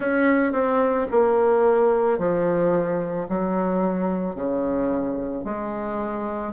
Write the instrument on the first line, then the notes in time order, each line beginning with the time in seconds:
bassoon
0.00 C#4
0.52 C4
1.11 A#3
2.18 F3
3.28 F#3
4.35 C#3
5.44 G#3